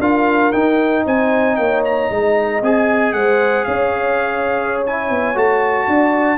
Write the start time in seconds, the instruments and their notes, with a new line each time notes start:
0.00 tuba D4, trombone F4, horn A#4, trumpet F5
0.52 trombone D#4, tuba D#4, trumpet G5
1.06 tuba C4, horn C5, trumpet G#5
1.56 tuba A#3, horn C#5, trumpet G5
1.85 trumpet A#5
2.11 tuba G#3, horn D#5
2.62 tuba C4, trombone G#4, trumpet G#5
3.13 tuba G#3, horn C5, trumpet F#5
3.65 tuba C#4, horn C#5, trumpet F5
4.87 trombone E4, trumpet G#5
5.10 tuba B3
5.36 tuba A3, trombone F#4, trumpet A5
5.88 tuba D4, horn D5